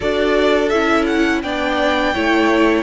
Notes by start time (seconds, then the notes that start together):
0.00 D4 F#4 A4 D5
0.68 C#4 E4 E5
1.06 F#5
1.42 B3 D4 D5 G5
2.14 A3 E4 C#5